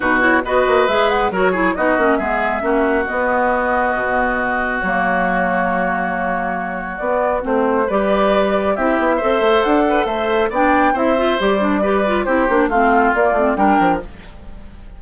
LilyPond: <<
  \new Staff \with { instrumentName = "flute" } { \time 4/4 \tempo 4 = 137 b'8 cis''8 dis''4 e''8 fis''8 cis''4 | dis''4 e''2 dis''4~ | dis''2. cis''4~ | cis''1 |
d''4 c''4 d''2 | e''2 fis''4 e''4 | g''4 e''4 d''2 | c''4 f''4 d''4 g''4 | }
  \new Staff \with { instrumentName = "oboe" } { \time 4/4 fis'4 b'2 ais'8 gis'8 | fis'4 gis'4 fis'2~ | fis'1~ | fis'1~ |
fis'2 b'2 | g'4 c''4. b'8 c''4 | d''4 c''2 b'4 | g'4 f'2 ais'4 | }
  \new Staff \with { instrumentName = "clarinet" } { \time 4/4 dis'8 e'8 fis'4 gis'4 fis'8 e'8 | dis'8 cis'8 b4 cis'4 b4~ | b2. ais4~ | ais1 |
b4 c'4 g'2 | e'4 a'2. | d'4 e'8 f'8 g'8 d'8 g'8 f'8 | e'8 d'8 c'4 ais8 c'8 d'4 | }
  \new Staff \with { instrumentName = "bassoon" } { \time 4/4 b,4 b8 ais8 gis4 fis4 | b8 ais8 gis4 ais4 b4~ | b4 b,2 fis4~ | fis1 |
b4 a4 g2 | c'8 b8 c'8 a8 d'4 a4 | b4 c'4 g2 | c'8 ais8 a4 ais8 a8 g8 f8 | }
>>